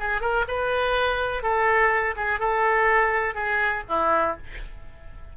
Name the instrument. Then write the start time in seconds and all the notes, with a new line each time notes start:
oboe
0.00 G#4
0.21 A#4
0.48 B4
1.43 A4
2.16 G#4
2.39 A4
3.35 G#4
3.89 E4